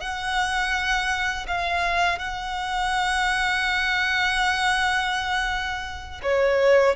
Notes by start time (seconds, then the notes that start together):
0.00 F#5
1.47 F5
2.19 F#5
6.23 C#5